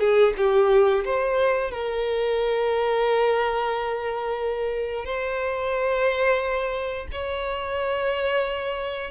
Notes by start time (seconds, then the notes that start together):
0.00 G#4
0.37 G4
1.05 C5
1.71 A#4
5.05 C5
7.12 C#5